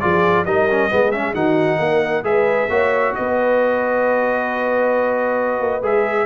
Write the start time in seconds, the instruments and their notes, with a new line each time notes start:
0.00 tuba F3, trombone F4, horn G#4, trumpet D5
0.45 tuba G3, trombone D#4, horn A#4, trumpet D#5
0.71 trombone C#4
0.90 tuba G#3, trombone B3, horn G#4
1.11 trombone C#4, trumpet E5
1.34 tuba D#3, trombone D#4, horn F#4, trumpet F#5
1.79 tuba A#3, horn A#4
2.23 tuba G#3, trombone G#4, horn B4, trumpet E5
2.70 tuba A#3, trombone F#4, horn C#5
3.15 tuba B3, horn B4, trumpet D#5
5.61 tuba A#3
5.82 tuba G#3, trombone G#4, trumpet E5